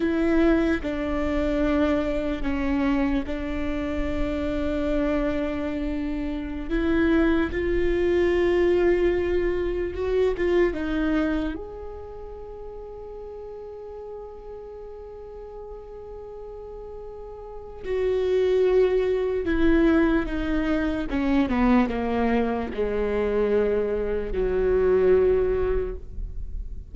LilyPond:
\new Staff \with { instrumentName = "viola" } { \time 4/4 \tempo 4 = 74 e'4 d'2 cis'4 | d'1~ | d'16 e'4 f'2~ f'8.~ | f'16 fis'8 f'8 dis'4 gis'4.~ gis'16~ |
gis'1~ | gis'2 fis'2 | e'4 dis'4 cis'8 b8 ais4 | gis2 fis2 | }